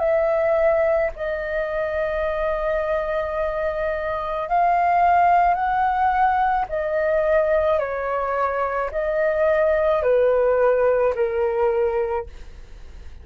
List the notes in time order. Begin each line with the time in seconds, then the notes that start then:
0.00 E5
1.16 D#5
4.49 F5
5.55 F#5
6.69 D#5
7.79 C#5
8.92 D#5
10.03 B4
11.15 A#4